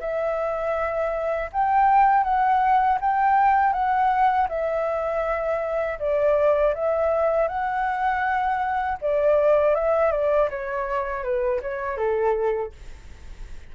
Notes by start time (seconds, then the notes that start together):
0.00 E5
1.52 G5
2.23 F#5
3.01 G5
3.73 F#5
4.49 E5
5.99 D5
6.74 E5
7.48 F#5
9.01 D5
9.75 E5
10.11 D5
10.50 C#5
11.23 B4
11.61 C#5
11.97 A4